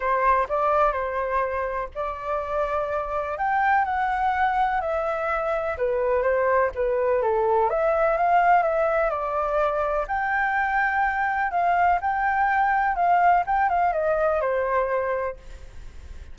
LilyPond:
\new Staff \with { instrumentName = "flute" } { \time 4/4 \tempo 4 = 125 c''4 d''4 c''2 | d''2. g''4 | fis''2 e''2 | b'4 c''4 b'4 a'4 |
e''4 f''4 e''4 d''4~ | d''4 g''2. | f''4 g''2 f''4 | g''8 f''8 dis''4 c''2 | }